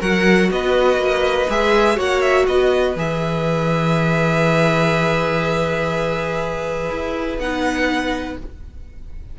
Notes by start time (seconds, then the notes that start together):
0.00 F#3 F#4 A#4 F#5
0.51 B3 B4 D#5
0.98 A#3
1.49 G#3 G#4 E5
1.96 A#3 F#4 C#5 F#5
2.21 E5
2.47 B3 B4 D#5
2.96 E3 G#4 E5
6.89 E4
7.38 B3 D#4 F#5